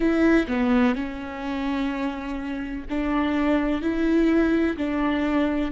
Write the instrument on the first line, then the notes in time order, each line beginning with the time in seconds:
viola
0.00 E4
0.47 B3
0.95 C#4
2.89 D4
3.81 E4
4.77 D4